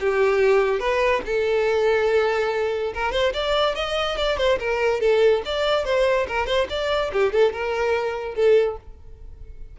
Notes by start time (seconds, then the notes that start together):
0.00 G4
0.80 B4
1.26 A4
2.94 A#4
3.12 C5
3.34 D5
3.75 D#5
4.17 D5
4.38 C5
4.60 A#4
5.01 A4
5.45 D5
5.85 C5
6.28 A#4
6.46 C5
6.70 D5
7.13 G4
7.33 A4
7.53 A#4
8.35 A4